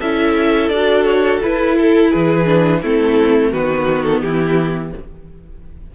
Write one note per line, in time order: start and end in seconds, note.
0.00 0.70 C#4
0.00 0.73 E4
0.00 2.10 A4
0.00 0.69 E5
0.69 1.40 D4
0.69 1.44 F#4
0.69 1.04 D5
1.05 1.40 C#5
1.43 2.46 E4
1.43 2.15 E4
1.43 1.77 B4
1.77 2.11 A4
2.10 2.83 E3
2.10 2.80 G#4
2.10 2.82 B4
2.46 2.81 D4
2.82 3.54 A3
2.82 3.54 C4
2.82 3.52 E4
2.82 3.54 A4
3.52 4.23 D#3
3.52 4.95 B3
3.52 4.22 F#4
3.52 4.04 B4
4.04 4.21 A4
4.21 4.94 E3
4.21 4.95 E4
4.21 4.92 G4